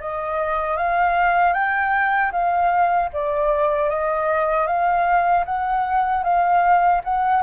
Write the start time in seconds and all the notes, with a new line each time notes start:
0.00 D#5
0.77 F5
1.53 G5
2.31 F5
3.12 D5
3.89 D#5
4.66 F5
5.45 F#5
6.23 F5
7.04 F#5